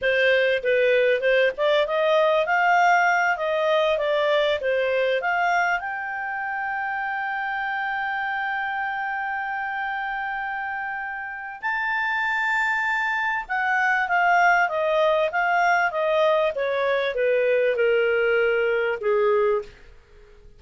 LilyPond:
\new Staff \with { instrumentName = "clarinet" } { \time 4/4 \tempo 4 = 98 c''4 b'4 c''8 d''8 dis''4 | f''4. dis''4 d''4 c''8~ | c''8 f''4 g''2~ g''8~ | g''1~ |
g''2. a''4~ | a''2 fis''4 f''4 | dis''4 f''4 dis''4 cis''4 | b'4 ais'2 gis'4 | }